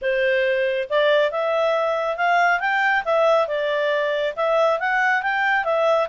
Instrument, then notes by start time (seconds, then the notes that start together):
clarinet
0.01 C5
0.89 D5
1.31 E5
2.16 F5
2.60 G5
3.04 E5
3.47 D5
4.36 E5
4.79 F#5
5.22 G5
5.64 E5